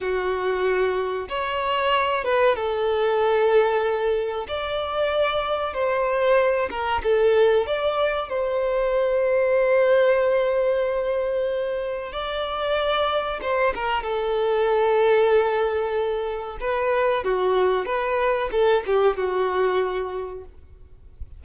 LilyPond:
\new Staff \with { instrumentName = "violin" } { \time 4/4 \tempo 4 = 94 fis'2 cis''4. b'8 | a'2. d''4~ | d''4 c''4. ais'8 a'4 | d''4 c''2.~ |
c''2. d''4~ | d''4 c''8 ais'8 a'2~ | a'2 b'4 fis'4 | b'4 a'8 g'8 fis'2 | }